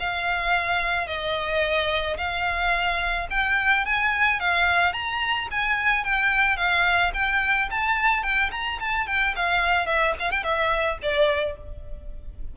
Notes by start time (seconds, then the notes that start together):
0.00 F5
1.07 D#5
2.18 F5
3.31 G5
3.86 G#5
4.40 F5
4.93 A#5
5.51 G#5
6.05 G5
6.57 F5
7.14 G5
7.71 A5
8.23 G5
8.52 A#5
8.80 A5
9.07 G5
9.36 F5
9.87 E5
10.20 F5
10.31 G5
10.44 E5
11.02 D5